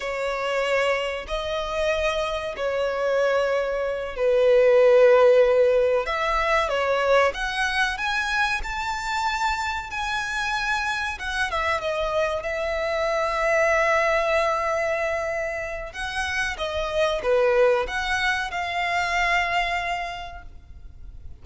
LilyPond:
\new Staff \with { instrumentName = "violin" } { \time 4/4 \tempo 4 = 94 cis''2 dis''2 | cis''2~ cis''8 b'4.~ | b'4. e''4 cis''4 fis''8~ | fis''8 gis''4 a''2 gis''8~ |
gis''4. fis''8 e''8 dis''4 e''8~ | e''1~ | e''4 fis''4 dis''4 b'4 | fis''4 f''2. | }